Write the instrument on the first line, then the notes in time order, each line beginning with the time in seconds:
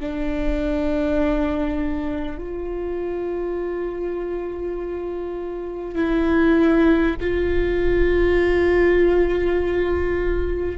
viola
0.00 D4
2.38 F4
5.95 E4
7.21 F4